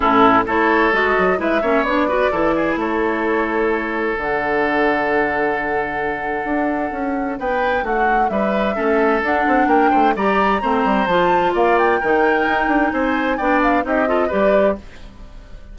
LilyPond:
<<
  \new Staff \with { instrumentName = "flute" } { \time 4/4 \tempo 4 = 130 a'4 cis''4 dis''4 e''4 | d''2 cis''2~ | cis''4 fis''2.~ | fis''1 |
g''4 fis''4 e''2 | fis''4 g''4 ais''2 | a''4 f''8 g''2~ g''8 | gis''4 g''8 f''8 dis''4 d''4 | }
  \new Staff \with { instrumentName = "oboe" } { \time 4/4 e'4 a'2 b'8 cis''8~ | cis''8 b'8 a'8 gis'8 a'2~ | a'1~ | a'1 |
b'4 fis'4 b'4 a'4~ | a'4 ais'8 c''8 d''4 c''4~ | c''4 d''4 ais'2 | c''4 d''4 g'8 a'8 b'4 | }
  \new Staff \with { instrumentName = "clarinet" } { \time 4/4 cis'4 e'4 fis'4 e'8 cis'8 | d'8 fis'8 e'2.~ | e'4 d'2.~ | d'1~ |
d'2. cis'4 | d'2 g'4 c'4 | f'2 dis'2~ | dis'4 d'4 dis'8 f'8 g'4 | }
  \new Staff \with { instrumentName = "bassoon" } { \time 4/4 a,4 a4 gis8 fis8 gis8 ais8 | b4 e4 a2~ | a4 d2.~ | d2 d'4 cis'4 |
b4 a4 g4 a4 | d'8 c'8 ais8 a8 g4 a8 g8 | f4 ais4 dis4 dis'8 d'8 | c'4 b4 c'4 g4 | }
>>